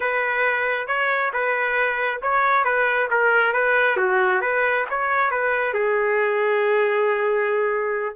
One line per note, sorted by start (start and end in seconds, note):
0.00 0.87 B4
0.87 1.31 C#5
1.33 2.21 B4
2.22 2.64 C#5
2.64 3.08 B4
3.10 3.53 A#4
3.53 3.97 B4
3.97 4.41 F#4
4.41 4.85 B4
4.90 5.30 C#5
5.30 5.73 B4
5.73 8.15 G#4